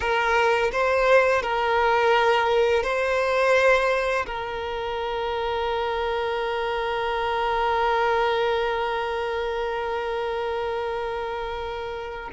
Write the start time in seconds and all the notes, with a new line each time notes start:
0.00 A#4
0.71 C5
1.42 A#4
2.83 C5
4.26 A#4